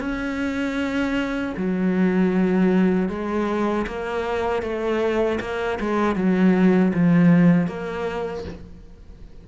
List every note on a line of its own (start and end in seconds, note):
0.00 1.54 C#4
1.57 3.09 F#3
3.09 3.86 G#3
3.87 4.63 A#3
4.63 5.40 A3
5.41 5.79 A#3
5.80 6.16 G#3
6.16 6.93 F#3
6.94 7.67 F3
7.67 8.44 A#3